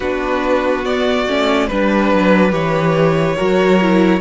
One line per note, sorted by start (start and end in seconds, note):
0.00 1.27 B3
0.00 0.84 D4
0.00 1.68 F#4
0.00 0.85 B4
0.84 1.27 B3
0.84 1.67 D5
1.27 1.70 A3
1.27 1.70 C#4
1.67 2.13 G3
1.67 2.51 D4
1.67 2.51 B4
1.67 3.36 B4
2.13 2.51 F#3
2.51 3.36 E3
2.51 3.36 G4
2.51 4.20 C#5
3.36 4.20 F#3
3.36 3.79 F#4
3.36 4.20 A#4
3.81 4.20 E4